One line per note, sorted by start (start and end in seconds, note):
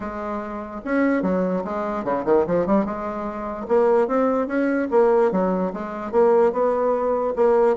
0.00 0.81 G#3
0.84 1.22 C#4
1.22 1.63 F#3
1.64 2.04 G#3
2.04 2.24 C#3
2.25 2.45 D#3
2.47 2.66 F3
2.66 2.85 G3
2.85 3.66 G#3
3.68 4.07 A#3
4.07 4.47 C4
4.47 4.88 C#4
4.90 5.31 A#3
5.31 5.72 F#3
5.73 6.11 G#3
6.11 6.52 A#3
6.52 7.34 B3
7.35 7.76 A#3